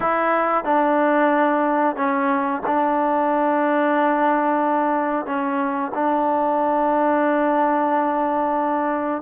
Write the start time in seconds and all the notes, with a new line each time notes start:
0.00 E4
0.64 D4
1.95 C#4
2.66 D4
5.25 C#4
5.94 D4